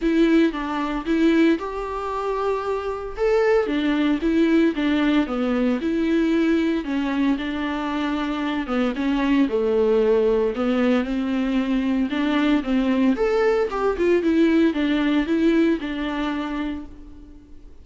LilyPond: \new Staff \with { instrumentName = "viola" } { \time 4/4 \tempo 4 = 114 e'4 d'4 e'4 g'4~ | g'2 a'4 d'4 | e'4 d'4 b4 e'4~ | e'4 cis'4 d'2~ |
d'8 b8 cis'4 a2 | b4 c'2 d'4 | c'4 a'4 g'8 f'8 e'4 | d'4 e'4 d'2 | }